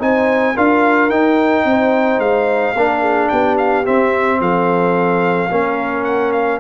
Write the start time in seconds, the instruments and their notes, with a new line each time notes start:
0.00 tuba C4, trombone D#4, horn C5, trumpet G#5
0.54 tuba D4, trombone F4, horn A#4, trumpet F5
1.10 tuba D#4, trombone D#4, trumpet G5
1.65 tuba C4, horn C5
2.19 tuba G#3, trumpet F5
2.75 tuba A#3, trombone D4, horn A#4
3.02 horn G#4
3.29 tuba B3, horn G4, trumpet G5
3.58 trumpet F5
3.85 trombone C4, tuba C4, trumpet E5
4.41 tuba F3, horn A4, trumpet F5
5.51 tuba A#3, trombone C#4, horn A#4
6.05 trumpet F#5
6.32 trumpet F5